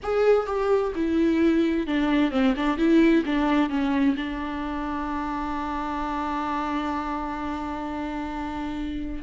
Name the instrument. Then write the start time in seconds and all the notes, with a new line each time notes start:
viola
0.02 G#4
0.46 G4
0.95 E4
1.87 D4
2.31 C4
2.56 D4
2.77 E4
3.25 D4
3.69 C#4
4.16 D4